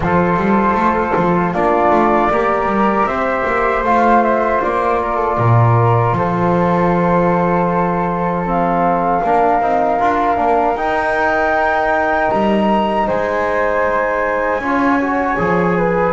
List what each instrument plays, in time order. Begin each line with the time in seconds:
0.00 double bass F3, trombone F4, flute A4 C5
0.37 double bass G3
0.74 double bass A3
1.16 double bass F3
1.53 double bass A#3, trombone D4, flute F4 D5
1.90 double bass A3
2.30 double bass A#3, trombone G4, flute A#4
2.65 double bass G3
3.04 double bass C4, flute C5 E5
3.46 double bass A#3
3.83 double bass A3, trombone F4, flute F5
4.22 flute E5
4.62 double bass A#3, flute D5
5.01 flute A#4
5.15 flute A4
5.37 double bass A#2, flute A#4
6.13 double bass F3, flute A4 C5
8.45 trombone C4, flute F5
9.23 double bass A#3, trombone D4, flute A#4
9.60 double bass C4, trombone D#4
10.00 double bass D4, trombone F4
10.36 double bass A#3, trombone D4
10.75 double bass D#4, trombone D#4, flute G5
12.30 double bass G3, flute A#5
13.07 double bass G#3, flute C5 G#5
14.59 double bass C#4, trombone F4, flute C#5
15.00 trombone F#4
15.38 double bass F3, trombone G#4
15.77 flute B4